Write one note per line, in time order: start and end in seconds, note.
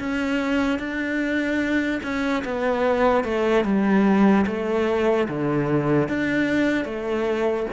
0.00 0.79 C#4
0.79 2.01 D4
2.03 2.44 C#4
2.45 3.24 B3
3.24 3.65 A3
3.65 4.46 G3
4.47 5.28 A3
5.29 6.09 D3
6.09 6.86 D4
6.86 7.67 A3